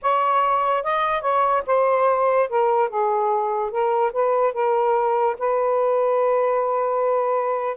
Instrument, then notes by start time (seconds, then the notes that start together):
saxophone
0.02 C#5
0.83 D#5
1.21 C#5
1.66 C5
2.49 A#4
2.89 G#4
3.70 A#4
4.12 B4
4.53 A#4
5.38 B4